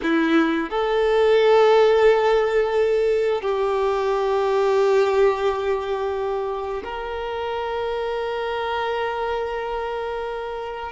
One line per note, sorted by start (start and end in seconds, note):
0.02 0.70 E4
0.70 3.41 A4
3.41 6.82 G4
6.84 10.92 A#4